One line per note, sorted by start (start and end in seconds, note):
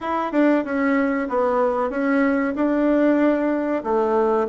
0.00 0.32 E4
0.32 0.64 D4
0.64 1.28 C#4
1.29 1.90 B3
1.90 2.54 C#4
2.55 3.83 D4
3.83 4.47 A3